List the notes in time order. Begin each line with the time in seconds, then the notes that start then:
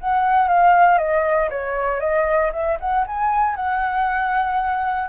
0.00 F#5
0.48 F5
0.98 D#5
1.50 C#5
2.00 D#5
2.52 E5
2.80 F#5
3.07 G#5
3.56 F#5